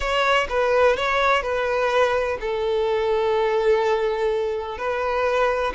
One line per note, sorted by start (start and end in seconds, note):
0.00 0.47 C#5
0.49 0.96 B4
0.96 1.42 C#5
1.42 2.37 B4
2.40 4.77 A4
4.77 5.73 B4